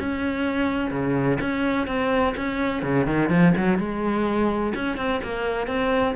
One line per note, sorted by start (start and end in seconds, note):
0.00 0.91 C#4
0.91 1.39 C#3
1.41 1.87 C#4
1.87 2.35 C4
2.37 2.83 C#4
2.83 3.06 C#3
3.06 3.30 D#3
3.30 3.54 F3
3.57 3.79 F#3
3.79 4.74 G#3
4.76 4.97 C#4
4.97 5.21 C4
5.24 5.67 A#3
5.67 6.15 C4